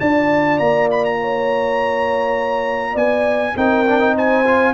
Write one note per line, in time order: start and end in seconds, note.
0.00 0.60 D4
0.00 3.57 F4
0.00 1.19 D5
0.00 0.59 A5
0.59 2.95 A#3
0.59 0.89 A#5
0.91 1.05 B5
1.05 2.98 A#5
1.21 2.93 C#5
2.93 3.55 B3
2.93 3.52 D5
2.93 3.57 G#5
3.57 4.74 C4
3.57 3.87 D#4
3.57 4.15 A#4
3.57 4.17 G5
3.87 4.00 D4
4.00 4.45 D#4
4.15 4.74 C5
4.15 4.74 G#5
4.46 4.74 F4